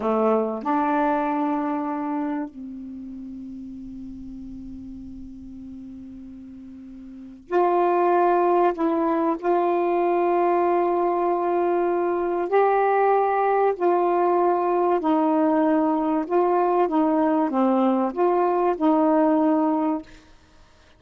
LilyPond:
\new Staff \with { instrumentName = "saxophone" } { \time 4/4 \tempo 4 = 96 a4 d'2. | c'1~ | c'1 | f'2 e'4 f'4~ |
f'1 | g'2 f'2 | dis'2 f'4 dis'4 | c'4 f'4 dis'2 | }